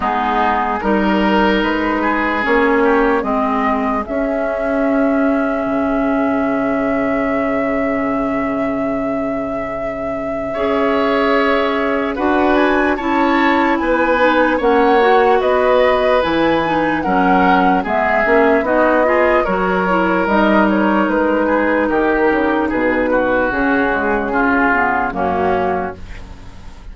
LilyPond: <<
  \new Staff \with { instrumentName = "flute" } { \time 4/4 \tempo 4 = 74 gis'4 ais'4 b'4 cis''4 | dis''4 e''2.~ | e''1~ | e''2. fis''8 gis''8 |
a''4 gis''4 fis''4 dis''4 | gis''4 fis''4 e''4 dis''4 | cis''4 dis''8 cis''8 b'4 ais'4 | b'4 gis'2 fis'4 | }
  \new Staff \with { instrumentName = "oboe" } { \time 4/4 dis'4 ais'4. gis'4 g'8 | gis'1~ | gis'1~ | gis'4 cis''2 b'4 |
cis''4 b'4 cis''4 b'4~ | b'4 ais'4 gis'4 fis'8 gis'8 | ais'2~ ais'8 gis'8 g'4 | gis'8 fis'4. f'4 cis'4 | }
  \new Staff \with { instrumentName = "clarinet" } { \time 4/4 b4 dis'2 cis'4 | c'4 cis'2.~ | cis'1~ | cis'4 gis'2 fis'4 |
e'4. dis'8 cis'8 fis'4. | e'8 dis'8 cis'4 b8 cis'8 dis'8 f'8 | fis'8 e'8 dis'2.~ | dis'4 cis'8 gis8 cis'8 b8 ais4 | }
  \new Staff \with { instrumentName = "bassoon" } { \time 4/4 gis4 g4 gis4 ais4 | gis4 cis'2 cis4~ | cis1~ | cis4 cis'2 d'4 |
cis'4 b4 ais4 b4 | e4 fis4 gis8 ais8 b4 | fis4 g4 gis4 dis8 cis8 | b,4 cis2 fis,4 | }
>>